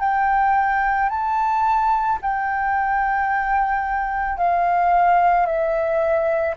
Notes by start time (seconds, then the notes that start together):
0.00 G5
1.09 A5
2.22 G5
4.38 F5
5.46 E5